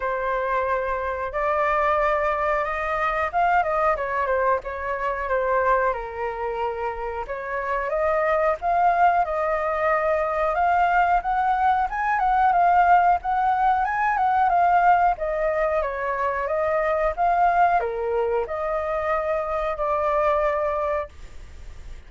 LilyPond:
\new Staff \with { instrumentName = "flute" } { \time 4/4 \tempo 4 = 91 c''2 d''2 | dis''4 f''8 dis''8 cis''8 c''8 cis''4 | c''4 ais'2 cis''4 | dis''4 f''4 dis''2 |
f''4 fis''4 gis''8 fis''8 f''4 | fis''4 gis''8 fis''8 f''4 dis''4 | cis''4 dis''4 f''4 ais'4 | dis''2 d''2 | }